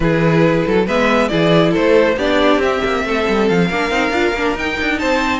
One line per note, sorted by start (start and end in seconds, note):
0.00 0.65 E3
0.00 0.87 E4
0.00 0.67 G#4
0.00 0.86 B4
0.67 0.87 F#3
0.67 0.86 A4
0.86 1.30 G#3
0.86 1.29 B3
0.86 1.29 B4
0.86 1.28 E5
1.28 1.75 E3
1.28 2.16 E4
1.28 1.71 G#4
1.28 1.71 D5
1.71 2.16 A3
1.71 2.14 A4
1.71 2.18 C5
2.16 2.57 B3
2.16 2.62 D4
2.16 3.03 G4
2.16 2.61 D5
2.57 2.79 C4
2.57 3.70 C4
2.57 3.47 E5
2.84 3.04 A#3
3.04 3.26 A3
3.04 3.67 A4
3.28 3.50 G3
3.47 3.69 F3
3.47 4.56 F5
3.67 3.91 A#3
3.67 3.90 D4
3.67 4.97 A#4
3.90 4.10 C4
3.90 4.12 D#4
4.10 4.31 D4
4.10 4.34 F4
4.32 4.54 A#3
4.32 4.58 D4
4.54 4.76 D#4
4.54 5.39 D#4
4.54 4.98 G5
4.80 5.02 D4
4.98 5.39 C4
4.98 5.39 C5
4.98 5.39 A5